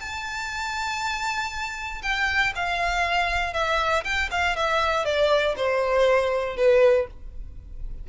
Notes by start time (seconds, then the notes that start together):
0.00 A5
2.02 G5
2.55 F5
3.53 E5
4.04 G5
4.31 F5
4.56 E5
5.05 D5
5.56 C5
6.56 B4